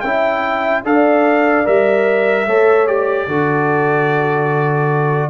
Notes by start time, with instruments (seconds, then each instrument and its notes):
0.00 tuba C#4, trombone E4, horn E5, trumpet G5
0.84 tuba D4, trombone A4, horn D5, trumpet F5
1.65 tuba G3, trombone A#4, trumpet E5
2.46 tuba A3, trombone A4, horn C#5
2.87 trombone G4, trumpet D5
3.27 tuba D3, trombone F#4, horn A4